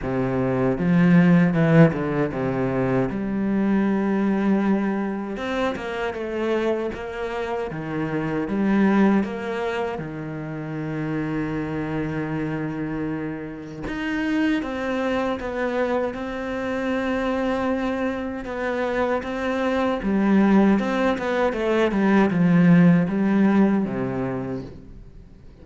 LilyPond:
\new Staff \with { instrumentName = "cello" } { \time 4/4 \tempo 4 = 78 c4 f4 e8 d8 c4 | g2. c'8 ais8 | a4 ais4 dis4 g4 | ais4 dis2.~ |
dis2 dis'4 c'4 | b4 c'2. | b4 c'4 g4 c'8 b8 | a8 g8 f4 g4 c4 | }